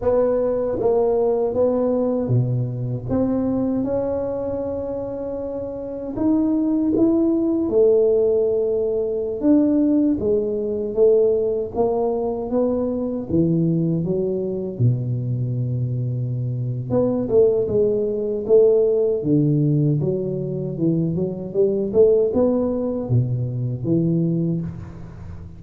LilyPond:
\new Staff \with { instrumentName = "tuba" } { \time 4/4 \tempo 4 = 78 b4 ais4 b4 b,4 | c'4 cis'2. | dis'4 e'4 a2~ | a16 d'4 gis4 a4 ais8.~ |
ais16 b4 e4 fis4 b,8.~ | b,2 b8 a8 gis4 | a4 d4 fis4 e8 fis8 | g8 a8 b4 b,4 e4 | }